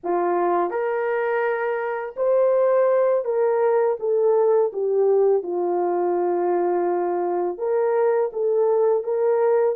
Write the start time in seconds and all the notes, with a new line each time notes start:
0.03 F4
0.70 A#4
2.16 C5
3.24 A#4
3.99 A4
4.73 G4
5.42 F4
7.57 A#4
8.32 A4
9.03 A#4